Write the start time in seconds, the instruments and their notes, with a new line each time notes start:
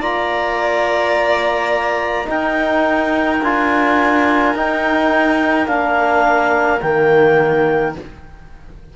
0.00 cello A#3, trombone F4, violin D5, clarinet A#5
2.25 trombone D#4, cello D#4, violin A#4, clarinet G5
3.42 cello D4, trombone F4, clarinet G#5
4.54 cello D#4, trombone D#4, clarinet G5
5.67 cello A#3, trombone D4, clarinet F5
6.81 cello D#3, trombone A#3, clarinet G5